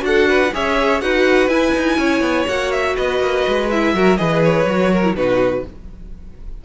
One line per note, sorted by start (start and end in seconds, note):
0.00 0.51 D4
0.00 0.49 F#4
0.00 0.54 F#5
0.07 0.29 A4
0.29 0.54 B4
0.54 1.02 C#4
0.54 1.02 G#4
0.54 1.03 C#5
0.54 1.01 E5
1.01 1.48 D#4
1.01 1.50 F#4
1.01 1.98 B4
1.01 1.49 F#5
1.48 1.73 E4
1.48 2.48 E4
1.48 2.47 G#5
1.76 1.98 D#4
1.98 2.21 C#4
1.98 2.96 C#5
2.21 2.46 B3
2.48 2.97 A#3
2.48 3.71 F#4
2.48 2.72 F#5
2.72 2.97 E5
2.97 3.20 B3
2.97 3.94 B4
2.97 3.70 D#5
3.20 3.45 A#3
3.48 3.94 G#3
3.70 3.97 E4
3.70 4.18 E5
3.94 4.18 F#3
3.94 4.18 F#4
3.94 4.20 A#4
4.18 4.66 E3
4.18 4.67 G#4
4.18 4.92 B4
4.18 4.42 D#5
4.44 5.16 C#5
4.66 5.15 F#3
4.66 5.04 F#4
4.92 5.16 A#4
5.04 5.16 E4
5.15 5.64 B2
5.15 5.65 D#4
5.15 5.65 F#4
5.15 5.65 B4